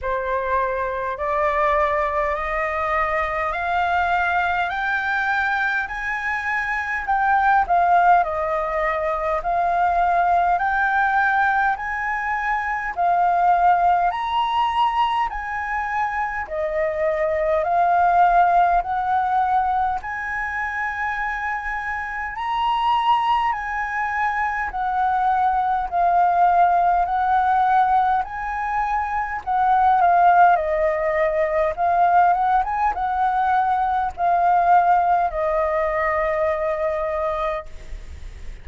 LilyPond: \new Staff \with { instrumentName = "flute" } { \time 4/4 \tempo 4 = 51 c''4 d''4 dis''4 f''4 | g''4 gis''4 g''8 f''8 dis''4 | f''4 g''4 gis''4 f''4 | ais''4 gis''4 dis''4 f''4 |
fis''4 gis''2 ais''4 | gis''4 fis''4 f''4 fis''4 | gis''4 fis''8 f''8 dis''4 f''8 fis''16 gis''16 | fis''4 f''4 dis''2 | }